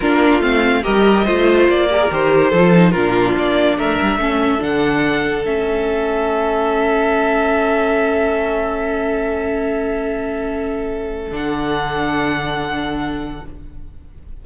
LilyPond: <<
  \new Staff \with { instrumentName = "violin" } { \time 4/4 \tempo 4 = 143 ais'4 f''4 dis''2 | d''4 c''2 ais'4 | d''4 e''2 fis''4~ | fis''4 e''2.~ |
e''1~ | e''1~ | e''2. fis''4~ | fis''1 | }
  \new Staff \with { instrumentName = "violin" } { \time 4/4 f'2 ais'4 c''4~ | c''8 ais'4. a'4 f'4~ | f'4 ais'4 a'2~ | a'1~ |
a'1~ | a'1~ | a'1~ | a'1 | }
  \new Staff \with { instrumentName = "viola" } { \time 4/4 d'4 c'4 g'4 f'4~ | f'8 g'16 gis'16 g'4 f'8 dis'8 d'4~ | d'2 cis'4 d'4~ | d'4 cis'2.~ |
cis'1~ | cis'1~ | cis'2. d'4~ | d'1 | }
  \new Staff \with { instrumentName = "cello" } { \time 4/4 ais4 a4 g4 a4 | ais4 dis4 f4 ais,4 | ais4 a8 g8 a4 d4~ | d4 a2.~ |
a1~ | a1~ | a2. d4~ | d1 | }
>>